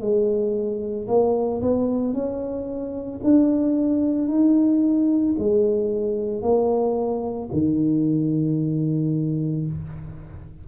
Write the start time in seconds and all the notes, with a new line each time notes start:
0.00 G#3
1.08 A#3
1.61 B3
2.13 C#4
3.23 D4
4.28 D#4
5.38 G#3
6.42 A#3
7.52 D#3